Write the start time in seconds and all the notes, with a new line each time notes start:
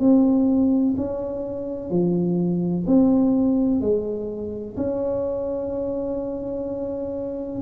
0.00 C4
0.97 C#4
1.90 F3
2.87 C4
3.81 G#3
4.77 C#4